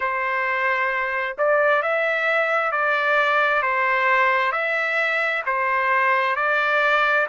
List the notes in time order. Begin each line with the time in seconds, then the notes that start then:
0.00 C5
1.38 D5
1.82 E5
2.71 D5
3.62 C5
4.52 E5
5.45 C5
6.36 D5